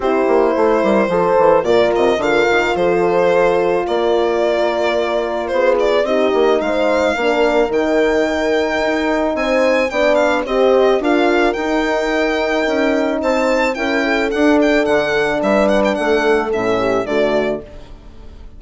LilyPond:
<<
  \new Staff \with { instrumentName = "violin" } { \time 4/4 \tempo 4 = 109 c''2. d''8 dis''8 | f''4 c''2 d''4~ | d''2 c''8 d''8 dis''4 | f''2 g''2~ |
g''4 gis''4 g''8 f''8 dis''4 | f''4 g''2. | a''4 g''4 fis''8 g''8 fis''4 | e''8 fis''16 g''16 fis''4 e''4 d''4 | }
  \new Staff \with { instrumentName = "horn" } { \time 4/4 g'4 a'8 ais'8 c''4 f'4 | ais'4 a'2 ais'4~ | ais'2 gis'4 g'4 | c''4 ais'2.~ |
ais'4 c''4 d''4 c''4 | ais'1 | c''4 ais'8 a'2~ a'8 | b'4 a'4. g'8 fis'4 | }
  \new Staff \with { instrumentName = "horn" } { \time 4/4 e'2 a'4 ais'4 | f'1~ | f'2. dis'4~ | dis'4 d'4 dis'2~ |
dis'2 d'4 g'4 | f'4 dis'2.~ | dis'4 e'4 d'2~ | d'2 cis'4 a4 | }
  \new Staff \with { instrumentName = "bassoon" } { \time 4/4 c'8 ais8 a8 g8 f8 e8 ais,8 c8 | d8 dis8 f2 ais4~ | ais2 b4 c'8 ais8 | gis4 ais4 dis2 |
dis'4 c'4 b4 c'4 | d'4 dis'2 cis'4 | c'4 cis'4 d'4 d4 | g4 a4 a,4 d4 | }
>>